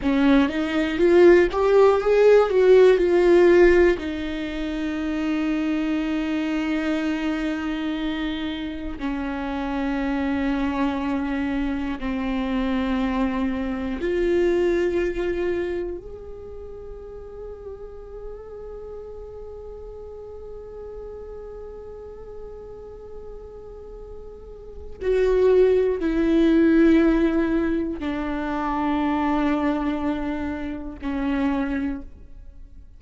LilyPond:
\new Staff \with { instrumentName = "viola" } { \time 4/4 \tempo 4 = 60 cis'8 dis'8 f'8 g'8 gis'8 fis'8 f'4 | dis'1~ | dis'4 cis'2. | c'2 f'2 |
gis'1~ | gis'1~ | gis'4 fis'4 e'2 | d'2. cis'4 | }